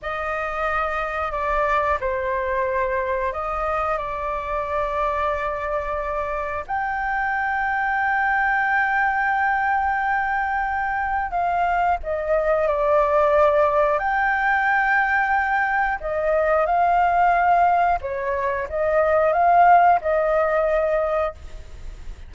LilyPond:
\new Staff \with { instrumentName = "flute" } { \time 4/4 \tempo 4 = 90 dis''2 d''4 c''4~ | c''4 dis''4 d''2~ | d''2 g''2~ | g''1~ |
g''4 f''4 dis''4 d''4~ | d''4 g''2. | dis''4 f''2 cis''4 | dis''4 f''4 dis''2 | }